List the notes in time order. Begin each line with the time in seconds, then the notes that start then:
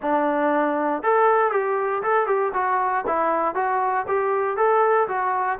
0.01 D4
1.02 A4
1.51 G4
2.02 A4
2.27 G4
2.53 F#4
3.06 E4
3.55 F#4
4.07 G4
4.56 A4
5.08 F#4